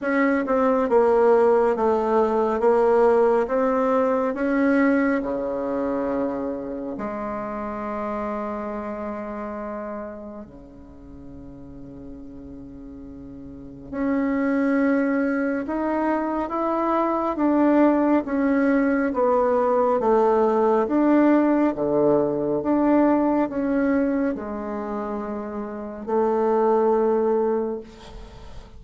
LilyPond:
\new Staff \with { instrumentName = "bassoon" } { \time 4/4 \tempo 4 = 69 cis'8 c'8 ais4 a4 ais4 | c'4 cis'4 cis2 | gis1 | cis1 |
cis'2 dis'4 e'4 | d'4 cis'4 b4 a4 | d'4 d4 d'4 cis'4 | gis2 a2 | }